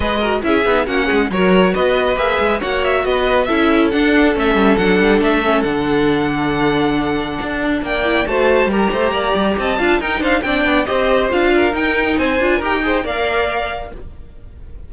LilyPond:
<<
  \new Staff \with { instrumentName = "violin" } { \time 4/4 \tempo 4 = 138 dis''4 e''4 fis''4 cis''4 | dis''4 e''4 fis''8 e''8 dis''4 | e''4 fis''4 e''4 fis''4 | e''4 fis''2.~ |
fis''2 g''4 a''4 | ais''2 a''4 g''8 f''8 | g''4 dis''4 f''4 g''4 | gis''4 g''4 f''2 | }
  \new Staff \with { instrumentName = "violin" } { \time 4/4 b'8 ais'8 gis'4 fis'8 gis'8 ais'4 | b'2 cis''4 b'4 | a'1~ | a'1~ |
a'2 d''4 c''4 | ais'8 c''8 d''4 dis''8 f''8 ais'8 c''8 | d''4 c''4. ais'4. | c''4 ais'8 c''8 d''2 | }
  \new Staff \with { instrumentName = "viola" } { \time 4/4 gis'8 fis'8 e'8 dis'8 cis'4 fis'4~ | fis'4 gis'4 fis'2 | e'4 d'4 cis'4 d'4~ | d'8 cis'8 d'2.~ |
d'2~ d'8 e'8 fis'4 | g'2~ g'8 f'8 dis'4 | d'4 g'4 f'4 dis'4~ | dis'8 f'8 g'8 gis'8 ais'2 | }
  \new Staff \with { instrumentName = "cello" } { \time 4/4 gis4 cis'8 b8 ais8 gis8 fis4 | b4 ais8 gis8 ais4 b4 | cis'4 d'4 a8 g8 fis8 g8 | a4 d2.~ |
d4 d'4 ais4 a4 | g8 a8 ais8 g8 c'8 d'8 dis'8 d'8 | c'8 b8 c'4 d'4 dis'4 | c'8 d'8 dis'4 ais2 | }
>>